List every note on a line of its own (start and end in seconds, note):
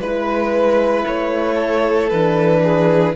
0.00 1.05 G#3
0.00 2.12 E4
0.00 1.05 B4
0.00 1.55 B4
1.07 2.12 A3
1.07 2.09 C#5
1.55 2.60 A4
2.09 3.16 E3
2.09 3.16 D4
2.09 3.15 B4
2.64 3.16 G#4